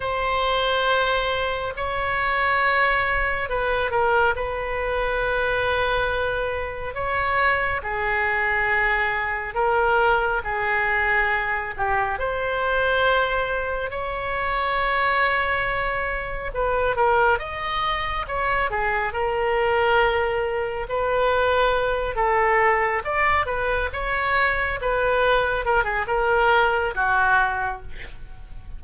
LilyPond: \new Staff \with { instrumentName = "oboe" } { \time 4/4 \tempo 4 = 69 c''2 cis''2 | b'8 ais'8 b'2. | cis''4 gis'2 ais'4 | gis'4. g'8 c''2 |
cis''2. b'8 ais'8 | dis''4 cis''8 gis'8 ais'2 | b'4. a'4 d''8 b'8 cis''8~ | cis''8 b'4 ais'16 gis'16 ais'4 fis'4 | }